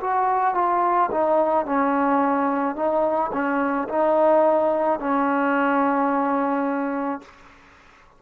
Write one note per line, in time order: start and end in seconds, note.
0.00 0.54 F#4
0.54 1.10 F4
1.11 1.65 D#4
1.65 2.75 C#4
2.75 3.31 D#4
3.32 3.88 C#4
3.88 4.99 D#4
4.99 7.22 C#4